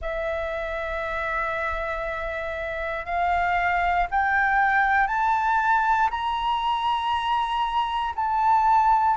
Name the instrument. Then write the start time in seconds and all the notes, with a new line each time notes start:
flute
0.01 E5
3.05 F5
4.10 G5
5.07 A5
6.10 A#5
8.15 A5